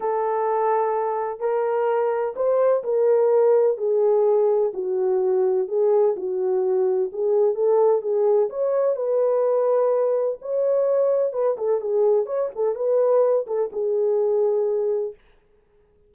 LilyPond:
\new Staff \with { instrumentName = "horn" } { \time 4/4 \tempo 4 = 127 a'2. ais'4~ | ais'4 c''4 ais'2 | gis'2 fis'2 | gis'4 fis'2 gis'4 |
a'4 gis'4 cis''4 b'4~ | b'2 cis''2 | b'8 a'8 gis'4 cis''8 a'8 b'4~ | b'8 a'8 gis'2. | }